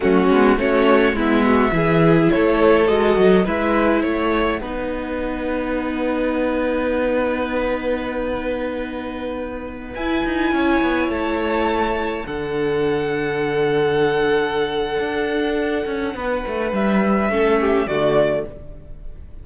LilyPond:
<<
  \new Staff \with { instrumentName = "violin" } { \time 4/4 \tempo 4 = 104 fis'4 cis''4 e''2 | cis''4 dis''4 e''4 fis''4~ | fis''1~ | fis''1~ |
fis''4~ fis''16 gis''2 a''8.~ | a''4~ a''16 fis''2~ fis''8.~ | fis''1~ | fis''4 e''2 d''4 | }
  \new Staff \with { instrumentName = "violin" } { \time 4/4 cis'4 fis'4 e'8 fis'8 gis'4 | a'2 b'4 cis''4 | b'1~ | b'1~ |
b'2~ b'16 cis''4.~ cis''16~ | cis''4~ cis''16 a'2~ a'8.~ | a'1 | b'2 a'8 g'8 fis'4 | }
  \new Staff \with { instrumentName = "viola" } { \time 4/4 a8 b8 cis'4 b4 e'4~ | e'4 fis'4 e'2 | dis'1~ | dis'1~ |
dis'4~ dis'16 e'2~ e'8.~ | e'4~ e'16 d'2~ d'8.~ | d'1~ | d'2 cis'4 a4 | }
  \new Staff \with { instrumentName = "cello" } { \time 4/4 fis8 gis8 a4 gis4 e4 | a4 gis8 fis8 gis4 a4 | b1~ | b1~ |
b4~ b16 e'8 dis'8 cis'8 b8 a8.~ | a4~ a16 d2~ d8.~ | d2 d'4. cis'8 | b8 a8 g4 a4 d4 | }
>>